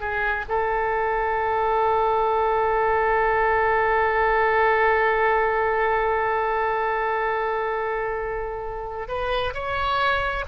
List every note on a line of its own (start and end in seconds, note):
0.00 0.45 G#4
0.49 9.08 A4
9.08 9.54 B4
9.54 10.45 C#5